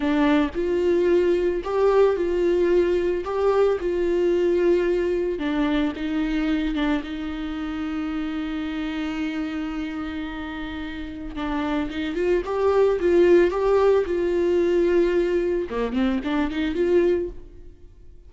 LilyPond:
\new Staff \with { instrumentName = "viola" } { \time 4/4 \tempo 4 = 111 d'4 f'2 g'4 | f'2 g'4 f'4~ | f'2 d'4 dis'4~ | dis'8 d'8 dis'2.~ |
dis'1~ | dis'4 d'4 dis'8 f'8 g'4 | f'4 g'4 f'2~ | f'4 ais8 c'8 d'8 dis'8 f'4 | }